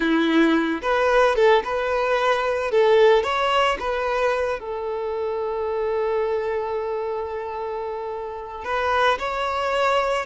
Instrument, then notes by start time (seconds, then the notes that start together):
violin
0.00 E4
0.82 B4
1.35 A4
1.63 B4
2.71 A4
3.23 C#5
3.79 B4
4.59 A4
8.64 B4
9.18 C#5